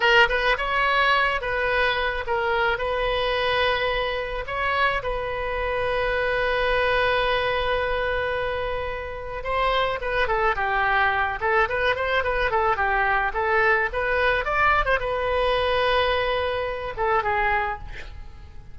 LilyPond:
\new Staff \with { instrumentName = "oboe" } { \time 4/4 \tempo 4 = 108 ais'8 b'8 cis''4. b'4. | ais'4 b'2. | cis''4 b'2.~ | b'1~ |
b'4 c''4 b'8 a'8 g'4~ | g'8 a'8 b'8 c''8 b'8 a'8 g'4 | a'4 b'4 d''8. c''16 b'4~ | b'2~ b'8 a'8 gis'4 | }